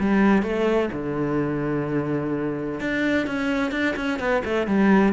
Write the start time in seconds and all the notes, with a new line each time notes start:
0.00 G3
0.43 A3
0.93 D3
2.80 D4
3.27 C#4
3.72 D4
3.97 C#4
4.20 B3
4.45 A3
4.67 G3